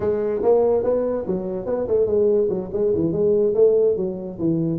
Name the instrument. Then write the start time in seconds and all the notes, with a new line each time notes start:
tuba
0.00 G#3
0.42 A#3
0.83 B3
1.27 F#3
1.66 B3
1.87 A3
2.06 G#3
2.49 F#3
2.72 G#3
2.94 E3
3.12 G#3
3.54 A3
3.96 F#3
4.38 E3